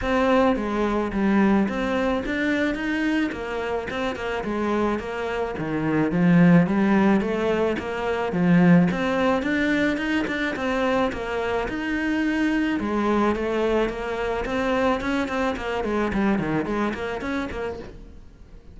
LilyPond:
\new Staff \with { instrumentName = "cello" } { \time 4/4 \tempo 4 = 108 c'4 gis4 g4 c'4 | d'4 dis'4 ais4 c'8 ais8 | gis4 ais4 dis4 f4 | g4 a4 ais4 f4 |
c'4 d'4 dis'8 d'8 c'4 | ais4 dis'2 gis4 | a4 ais4 c'4 cis'8 c'8 | ais8 gis8 g8 dis8 gis8 ais8 cis'8 ais8 | }